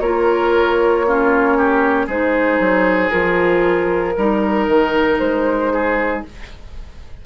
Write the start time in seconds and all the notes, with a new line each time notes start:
0.00 A#3 F4 A#4 C#5
1.06 C#4 F4
1.57 G4
2.06 G#3 D#4 G#4 C5
2.59 F#3
3.10 F3 F4 A#4
4.17 G3 D#4 A#4
4.67 D#3
5.19 G#3 C5
5.73 G#4